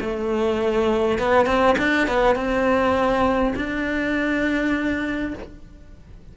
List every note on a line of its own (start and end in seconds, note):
0.00 1.19 A3
1.19 1.46 B3
1.46 1.75 C4
1.78 2.07 D4
2.07 2.35 B3
2.35 3.54 C4
3.56 5.34 D4